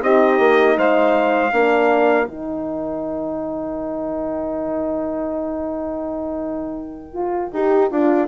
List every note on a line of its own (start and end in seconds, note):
0.00 0.39 C4
0.00 1.50 D#4
0.00 0.76 G4
0.00 0.78 D#5
0.39 0.76 A#3
0.77 1.52 G#3
0.77 1.53 C5
0.77 2.27 F5
1.52 2.27 A#3
1.52 2.27 D4
1.52 8.27 A#4
2.27 7.52 D#3
2.27 7.13 D#4
2.27 8.27 G5
7.13 7.51 F4
7.53 7.90 D#4
7.53 7.90 G4
7.90 8.27 D4
7.90 8.27 F4